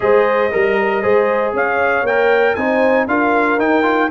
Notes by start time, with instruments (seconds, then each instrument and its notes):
0.00 tuba G#3, trombone G#4, horn C5, trumpet D#5
0.51 tuba G3, horn A#4, trombone A#4
1.02 tuba G#3, trombone G#4, horn C5
1.53 tuba C#4, horn C#5, trumpet F5
2.03 tuba A#3, trombone A#4, trumpet G5
2.55 tuba C4, trombone D#4, horn C5, trumpet G#5
3.07 tuba D4, trombone F4, horn A#4, trumpet F5
3.58 tuba D#4, trombone D#4, trumpet G5
3.82 trombone F4